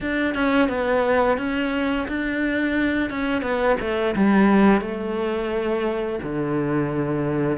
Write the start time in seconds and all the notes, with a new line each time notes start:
0.01 D4
0.34 C#4
0.68 B3
1.37 C#4
2.08 D4
3.10 C#4
3.42 B3
3.80 A3
4.15 G3
4.81 A3
6.23 D3